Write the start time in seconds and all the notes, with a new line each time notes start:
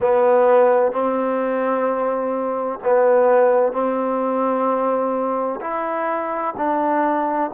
0.00 B3
0.92 C4
2.84 B3
3.72 C4
5.60 E4
6.57 D4